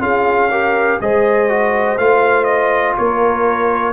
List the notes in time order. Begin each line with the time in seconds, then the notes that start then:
0.00 C#4 F4 G#4 F5
0.51 G4 A#4
1.01 G#3 G#4 C5 D#5
1.49 F#4
1.98 A3 F4 F5
2.45 D#5
2.98 A#3 A#4 C#5